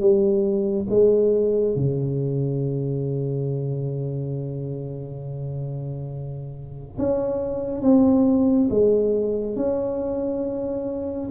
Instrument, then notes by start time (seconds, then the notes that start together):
tuba
0.00 G3
0.89 G#3
1.76 C#3
6.98 C#4
7.81 C4
8.70 G#3
9.56 C#4